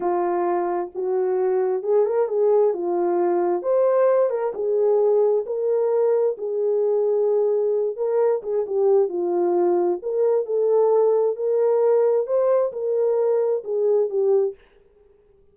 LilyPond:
\new Staff \with { instrumentName = "horn" } { \time 4/4 \tempo 4 = 132 f'2 fis'2 | gis'8 ais'8 gis'4 f'2 | c''4. ais'8 gis'2 | ais'2 gis'2~ |
gis'4. ais'4 gis'8 g'4 | f'2 ais'4 a'4~ | a'4 ais'2 c''4 | ais'2 gis'4 g'4 | }